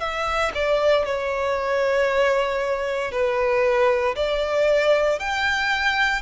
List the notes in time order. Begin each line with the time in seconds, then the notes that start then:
0.00 E5
0.55 D5
1.05 C#5
3.12 B4
4.16 D5
5.20 G5